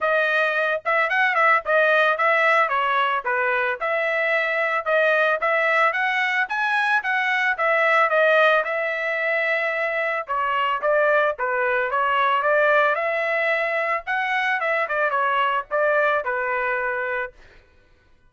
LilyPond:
\new Staff \with { instrumentName = "trumpet" } { \time 4/4 \tempo 4 = 111 dis''4. e''8 fis''8 e''8 dis''4 | e''4 cis''4 b'4 e''4~ | e''4 dis''4 e''4 fis''4 | gis''4 fis''4 e''4 dis''4 |
e''2. cis''4 | d''4 b'4 cis''4 d''4 | e''2 fis''4 e''8 d''8 | cis''4 d''4 b'2 | }